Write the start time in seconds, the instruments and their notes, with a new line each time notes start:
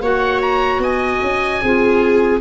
0.00 tuba A#3, clarinet F#4, viola C#5, oboe F#5
0.41 oboe A#5
0.78 tuba B3, viola D#5, oboe G#5
1.21 tuba C#4
1.61 tuba C4, clarinet F4, viola G#4